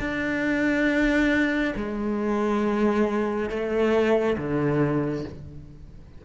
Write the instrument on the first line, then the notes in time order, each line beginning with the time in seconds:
cello
0.00 D4
1.76 G#3
3.50 A3
4.38 D3